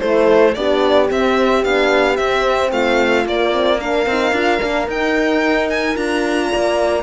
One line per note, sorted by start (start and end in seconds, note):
0.00 0.56 A3
0.00 0.55 E4
0.00 0.55 A4
0.00 0.54 C5
0.54 1.10 B3
0.54 1.09 D4
0.54 2.72 G4
0.54 1.08 D5
1.09 1.63 C4
1.09 1.65 C4
1.09 1.64 E5
1.64 2.19 B3
1.64 2.18 D4
1.64 2.16 F5
2.16 3.26 C4
2.16 2.71 C4
2.16 2.70 E5
2.71 3.25 A3
2.71 3.78 F4
2.71 3.26 F5
3.26 4.06 A#3
3.26 3.52 A#3
3.26 3.80 D5
3.52 3.79 C4
3.78 4.07 D4
3.78 6.48 A#4
3.78 4.88 F5
4.06 4.32 C4
4.06 4.34 D#4
4.32 4.59 D4
4.32 4.60 F4
4.60 4.87 A#3
4.60 4.87 D4
4.87 5.95 D#4
4.87 5.70 G5
5.70 5.97 G#5
5.95 6.50 D4
5.95 7.03 F4
5.95 7.03 A#5
6.51 7.03 A#3
6.51 7.03 D5